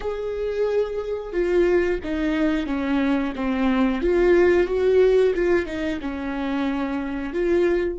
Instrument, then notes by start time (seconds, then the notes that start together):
viola
0.00 G#4
1.32 F4
2.03 D#4
2.66 C#4
3.35 C4
4.02 F4
4.66 F#4
5.34 F4
5.66 D#4
6.01 C#4
7.33 F4